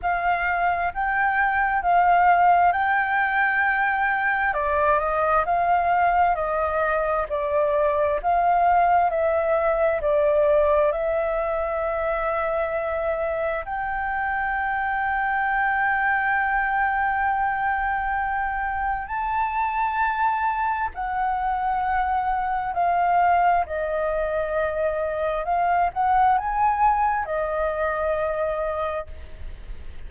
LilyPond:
\new Staff \with { instrumentName = "flute" } { \time 4/4 \tempo 4 = 66 f''4 g''4 f''4 g''4~ | g''4 d''8 dis''8 f''4 dis''4 | d''4 f''4 e''4 d''4 | e''2. g''4~ |
g''1~ | g''4 a''2 fis''4~ | fis''4 f''4 dis''2 | f''8 fis''8 gis''4 dis''2 | }